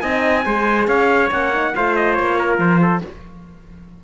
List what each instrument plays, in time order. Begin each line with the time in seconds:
0.00 cello C4, horn D#4, trumpet D#5 G#5
0.45 cello G#3, horn G#4, trumpet C5
0.87 cello C#4, trumpet C#5 F5
1.30 cello A#3, horn C#4, trumpet F#5
1.53 horn D#4
1.75 cello A3, horn F4, trumpet C5 F5
1.96 trumpet D#5
2.14 cello A#3, trumpet C#5
2.39 trumpet A#4
2.58 cello F3, trumpet C5
2.82 trumpet A4